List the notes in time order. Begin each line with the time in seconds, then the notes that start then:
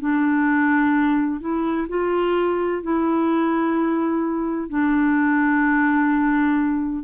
0.00 D4
1.41 E4
1.89 F4
2.83 E4
4.70 D4